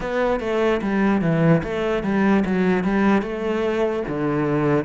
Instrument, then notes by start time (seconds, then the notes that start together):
cello
0.00 B3
0.40 A3
0.81 G3
1.21 E3
1.63 A3
2.03 G3
2.45 F#3
2.84 G3
3.22 A3
4.08 D3